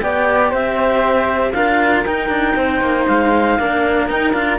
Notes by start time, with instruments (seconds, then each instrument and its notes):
0.00 cello B3 G4, flute D5, clarinet G5
0.50 cello C4, flute C5, clarinet E5
1.52 cello D4 F4, flute A#4, clarinet F5
2.04 cello D#4, clarinet G5
2.28 cello D4
2.56 cello C4, flute C5
2.81 cello A#3
3.07 cello G#3, clarinet F5
3.58 cello A#3 D4, flute A#4
4.07 cello D#4, clarinet G5
4.33 cello D4 F4, clarinet F5